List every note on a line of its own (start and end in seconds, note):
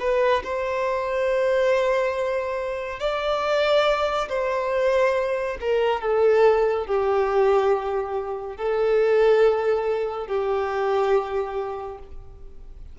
0.00 0.43 B4
0.44 3.00 C5
3.00 4.29 D5
4.29 5.58 C5
5.61 6.01 A#4
6.01 6.87 A4
6.87 8.57 G4
8.57 10.27 A4
10.27 11.99 G4